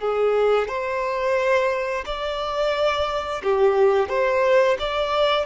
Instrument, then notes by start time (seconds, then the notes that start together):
violin
0.00 G#4
0.68 C5
2.05 D5
3.43 G4
4.09 C5
4.79 D5